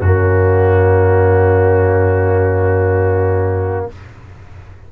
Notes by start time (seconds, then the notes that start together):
0.00 F#2 A#3 C#4 F#4